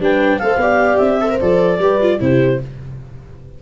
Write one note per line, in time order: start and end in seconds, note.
0.00 0.40 G3
0.00 0.40 D4
0.00 0.41 B4
0.00 0.39 G5
0.39 0.57 A3
0.39 0.60 A4
0.39 0.61 C5
0.39 0.98 F5
0.57 0.97 B3
0.57 1.21 G4
0.57 1.21 D5
0.98 1.40 C4
0.98 1.38 E5
1.21 1.30 A4
1.21 1.79 C5
1.30 1.40 A#4
1.41 1.79 F3
1.41 1.81 A4
1.41 2.21 D5
1.79 2.19 G3
1.79 2.01 G4
1.79 2.19 B4
2.01 2.19 F4
2.19 2.61 C3
2.19 2.59 E4
2.19 2.62 G4
2.19 2.61 C5